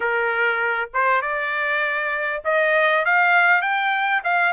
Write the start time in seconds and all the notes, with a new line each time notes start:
0.00 A#4
0.93 C5
1.21 D5
2.44 D#5
3.05 F5
3.61 G5
4.23 F5